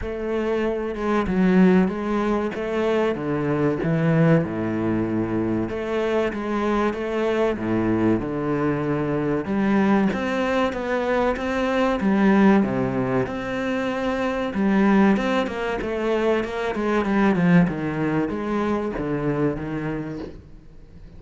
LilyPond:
\new Staff \with { instrumentName = "cello" } { \time 4/4 \tempo 4 = 95 a4. gis8 fis4 gis4 | a4 d4 e4 a,4~ | a,4 a4 gis4 a4 | a,4 d2 g4 |
c'4 b4 c'4 g4 | c4 c'2 g4 | c'8 ais8 a4 ais8 gis8 g8 f8 | dis4 gis4 d4 dis4 | }